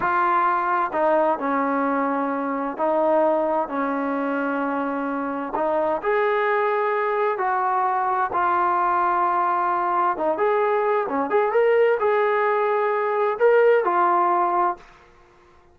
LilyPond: \new Staff \with { instrumentName = "trombone" } { \time 4/4 \tempo 4 = 130 f'2 dis'4 cis'4~ | cis'2 dis'2 | cis'1 | dis'4 gis'2. |
fis'2 f'2~ | f'2 dis'8 gis'4. | cis'8 gis'8 ais'4 gis'2~ | gis'4 ais'4 f'2 | }